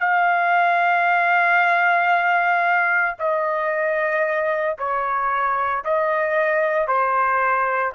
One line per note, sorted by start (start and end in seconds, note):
0.00 3.16 F5
3.19 4.77 D#5
4.78 5.84 C#5
5.85 6.88 D#5
6.88 7.93 C5